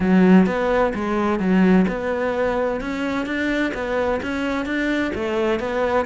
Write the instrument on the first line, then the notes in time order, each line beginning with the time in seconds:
cello
0.00 F#3
0.46 B3
0.94 G#3
1.39 F#3
1.88 B3
2.81 C#4
3.26 D4
3.74 B3
4.22 C#4
4.65 D4
5.14 A3
5.59 B3